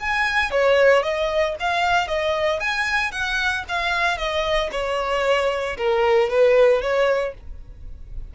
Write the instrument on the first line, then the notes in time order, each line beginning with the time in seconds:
violin
0.00 G#5
0.51 C#5
1.03 D#5
1.60 F5
2.08 D#5
2.60 G#5
3.12 F#5
3.69 F5
4.17 D#5
4.72 C#5
5.77 A#4
6.30 B4
6.82 C#5